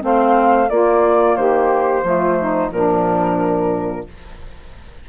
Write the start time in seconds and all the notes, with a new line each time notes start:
0.00 A3 C4 C5 F5
0.69 A#3 F4 D5
1.36 D#3 G4 C5
2.04 F3 A3 F4
2.39 D#4
2.68 A#2 F3 A#4
2.74 D4